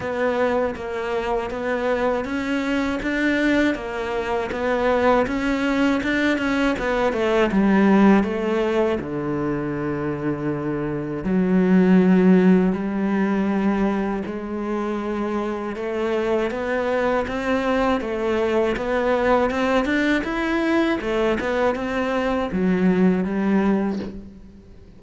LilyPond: \new Staff \with { instrumentName = "cello" } { \time 4/4 \tempo 4 = 80 b4 ais4 b4 cis'4 | d'4 ais4 b4 cis'4 | d'8 cis'8 b8 a8 g4 a4 | d2. fis4~ |
fis4 g2 gis4~ | gis4 a4 b4 c'4 | a4 b4 c'8 d'8 e'4 | a8 b8 c'4 fis4 g4 | }